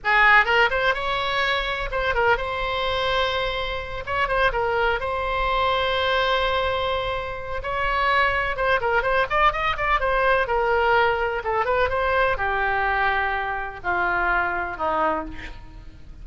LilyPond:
\new Staff \with { instrumentName = "oboe" } { \time 4/4 \tempo 4 = 126 gis'4 ais'8 c''8 cis''2 | c''8 ais'8 c''2.~ | c''8 cis''8 c''8 ais'4 c''4.~ | c''1 |
cis''2 c''8 ais'8 c''8 d''8 | dis''8 d''8 c''4 ais'2 | a'8 b'8 c''4 g'2~ | g'4 f'2 dis'4 | }